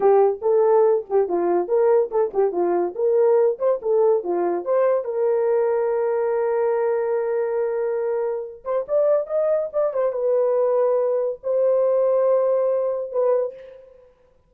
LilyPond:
\new Staff \with { instrumentName = "horn" } { \time 4/4 \tempo 4 = 142 g'4 a'4. g'8 f'4 | ais'4 a'8 g'8 f'4 ais'4~ | ais'8 c''8 a'4 f'4 c''4 | ais'1~ |
ais'1~ | ais'8 c''8 d''4 dis''4 d''8 c''8 | b'2. c''4~ | c''2. b'4 | }